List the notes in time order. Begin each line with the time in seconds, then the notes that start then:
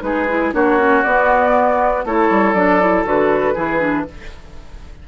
0.00 G#3 D#4 G#4 B4
0.28 E4
0.53 A#3 D4 F#4 C#5
0.78 C#4
1.03 B3 D5
2.04 A3 E4 A4 C#5
2.30 G3
2.53 F#3 D4 D5
2.80 E4
3.04 D3 F#4 B4
3.54 E3 E4 G#4
3.80 D4